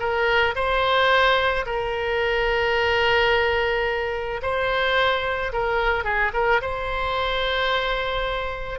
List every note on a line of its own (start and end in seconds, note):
0.00 0.55 A#4
0.56 1.66 C5
1.66 4.41 A#4
4.43 5.53 C5
5.53 6.05 A#4
6.05 6.32 G#4
6.34 6.62 A#4
6.62 8.80 C5